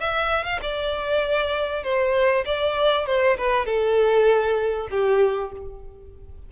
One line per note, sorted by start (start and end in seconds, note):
0.00 0.44 E5
0.44 0.59 F5
0.62 1.83 D5
1.83 2.45 C5
2.45 3.06 D5
3.06 3.37 C5
3.37 3.65 B4
3.65 4.88 A4
4.91 5.52 G4